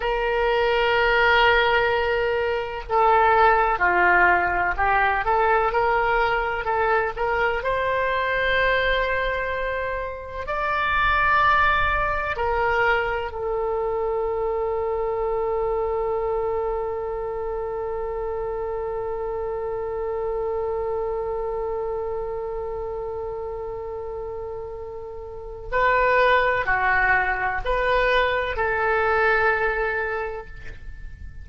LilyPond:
\new Staff \with { instrumentName = "oboe" } { \time 4/4 \tempo 4 = 63 ais'2. a'4 | f'4 g'8 a'8 ais'4 a'8 ais'8 | c''2. d''4~ | d''4 ais'4 a'2~ |
a'1~ | a'1~ | a'2. b'4 | fis'4 b'4 a'2 | }